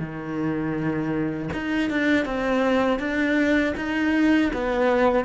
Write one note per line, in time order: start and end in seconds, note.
0.00 1.50 D#3
1.54 1.90 D#4
1.90 2.26 D4
2.26 3.00 C4
3.00 3.75 D4
3.77 4.52 D#4
4.54 5.25 B3